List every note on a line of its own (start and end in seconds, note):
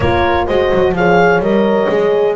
0.00 0.46 A#3
0.00 0.49 F4
0.00 0.47 A#4
0.00 0.46 C#5
0.46 0.72 G#3
0.46 0.96 F#4
0.46 0.94 C5
0.46 0.94 D#5
0.73 0.91 F#3
0.91 1.39 F3
0.91 1.42 G#4
0.91 2.36 C#5
0.91 1.42 F5
1.39 1.86 G3
1.39 1.88 A#4
1.39 2.36 D#5
1.88 2.36 G#3
1.88 2.36 G#4